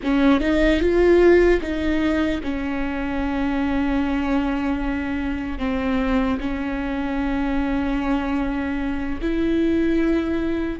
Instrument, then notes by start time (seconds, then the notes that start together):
viola
0.03 C#4
0.40 D#4
0.80 F4
1.61 D#4
2.43 C#4
5.58 C4
6.40 C#4
9.21 E4